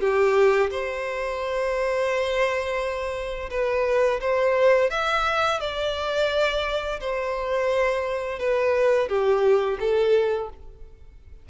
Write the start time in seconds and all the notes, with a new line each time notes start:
0.00 G4
0.71 C5
3.50 B4
4.20 C5
4.90 E5
5.60 D5
7.00 C5
8.39 B4
9.08 G4
9.80 A4